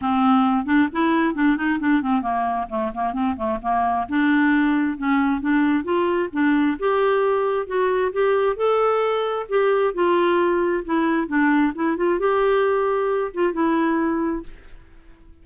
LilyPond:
\new Staff \with { instrumentName = "clarinet" } { \time 4/4 \tempo 4 = 133 c'4. d'8 e'4 d'8 dis'8 | d'8 c'8 ais4 a8 ais8 c'8 a8 | ais4 d'2 cis'4 | d'4 f'4 d'4 g'4~ |
g'4 fis'4 g'4 a'4~ | a'4 g'4 f'2 | e'4 d'4 e'8 f'8 g'4~ | g'4. f'8 e'2 | }